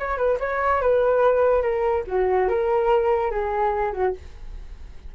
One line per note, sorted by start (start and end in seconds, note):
0.00 0.18 C#5
0.18 0.39 B4
0.40 0.82 C#5
0.82 1.63 B4
1.63 2.04 A#4
2.07 2.49 F#4
2.49 3.31 A#4
3.31 3.93 G#4
3.93 4.14 F#4